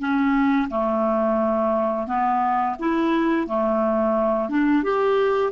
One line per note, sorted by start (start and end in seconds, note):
0.00 0.69 C#4
0.71 2.08 A3
2.08 2.76 B3
2.80 3.48 E4
3.48 4.50 A3
4.50 4.84 D4
4.84 5.53 G4